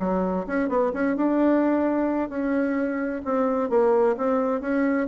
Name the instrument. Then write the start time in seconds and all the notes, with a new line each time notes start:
bassoon
0.00 F#3
0.47 C#4
0.69 B3
0.94 C#4
1.17 D4
2.30 C#4
3.25 C4
3.70 A#3
4.18 C4
4.61 C#4